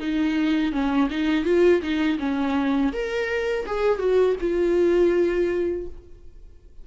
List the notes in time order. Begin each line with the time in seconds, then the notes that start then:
0.00 D#4
0.73 C#4
1.10 D#4
1.45 F4
1.82 D#4
2.20 C#4
2.93 A#4
3.67 G#4
3.99 F#4
4.41 F4